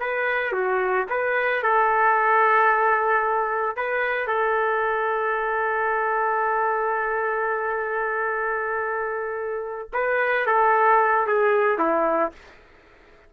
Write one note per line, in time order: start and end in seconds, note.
0.00 0.53 B4
0.53 1.06 F#4
1.10 1.63 B4
1.63 3.77 A4
3.77 4.28 B4
4.28 9.90 A4
9.94 10.47 B4
10.47 11.27 A4
11.27 11.79 G#4
11.79 12.32 E4